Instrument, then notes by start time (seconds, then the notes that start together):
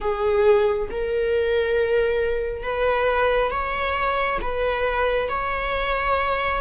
viola
0.00 G#4
0.90 A#4
2.62 B4
3.51 C#5
4.41 B4
5.28 C#5